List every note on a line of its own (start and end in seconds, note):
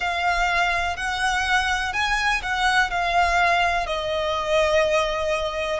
0.00 0.96 F5
0.96 1.93 F#5
1.93 2.41 G#5
2.42 2.90 F#5
2.90 3.86 F5
3.86 5.79 D#5